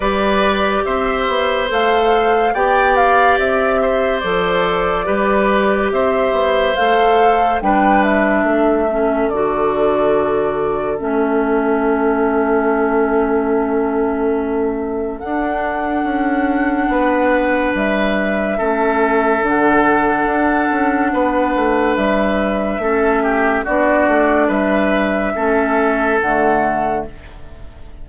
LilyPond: <<
  \new Staff \with { instrumentName = "flute" } { \time 4/4 \tempo 4 = 71 d''4 e''4 f''4 g''8 f''8 | e''4 d''2 e''4 | f''4 g''8 e''4. d''4~ | d''4 e''2.~ |
e''2 fis''2~ | fis''4 e''2 fis''4~ | fis''2 e''2 | d''4 e''2 fis''4 | }
  \new Staff \with { instrumentName = "oboe" } { \time 4/4 b'4 c''2 d''4~ | d''8 c''4. b'4 c''4~ | c''4 b'4 a'2~ | a'1~ |
a'1 | b'2 a'2~ | a'4 b'2 a'8 g'8 | fis'4 b'4 a'2 | }
  \new Staff \with { instrumentName = "clarinet" } { \time 4/4 g'2 a'4 g'4~ | g'4 a'4 g'2 | a'4 d'4. cis'8 fis'4~ | fis'4 cis'2.~ |
cis'2 d'2~ | d'2 cis'4 d'4~ | d'2. cis'4 | d'2 cis'4 a4 | }
  \new Staff \with { instrumentName = "bassoon" } { \time 4/4 g4 c'8 b8 a4 b4 | c'4 f4 g4 c'8 b8 | a4 g4 a4 d4~ | d4 a2.~ |
a2 d'4 cis'4 | b4 g4 a4 d4 | d'8 cis'8 b8 a8 g4 a4 | b8 a8 g4 a4 d4 | }
>>